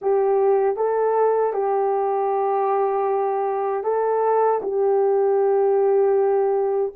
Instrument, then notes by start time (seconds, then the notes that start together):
horn
0.01 G4
0.76 A4
1.53 G4
3.83 A4
4.62 G4